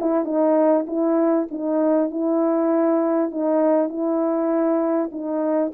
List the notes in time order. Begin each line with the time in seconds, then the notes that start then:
0.00 E4
0.25 D#4
0.87 E4
1.51 D#4
2.10 E4
3.31 D#4
3.89 E4
5.12 D#4